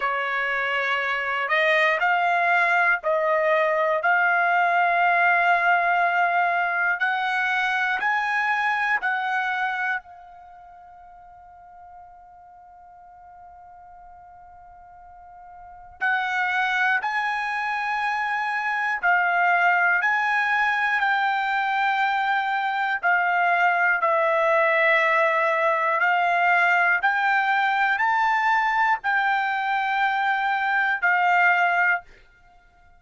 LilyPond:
\new Staff \with { instrumentName = "trumpet" } { \time 4/4 \tempo 4 = 60 cis''4. dis''8 f''4 dis''4 | f''2. fis''4 | gis''4 fis''4 f''2~ | f''1 |
fis''4 gis''2 f''4 | gis''4 g''2 f''4 | e''2 f''4 g''4 | a''4 g''2 f''4 | }